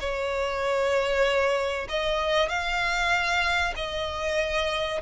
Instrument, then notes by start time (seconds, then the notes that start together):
violin
0.00 C#5
1.89 D#5
2.49 F5
3.76 D#5